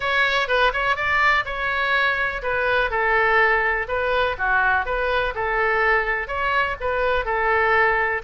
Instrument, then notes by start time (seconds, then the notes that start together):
oboe
0.00 C#5
0.48 B4
0.73 C#5
0.96 D5
1.45 C#5
2.42 B4
2.90 A4
3.88 B4
4.38 F#4
4.85 B4
5.34 A4
6.27 C#5
6.80 B4
7.25 A4